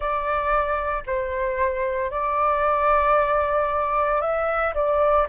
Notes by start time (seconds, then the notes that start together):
0.00 D5
1.06 C5
2.11 D5
4.21 E5
4.74 D5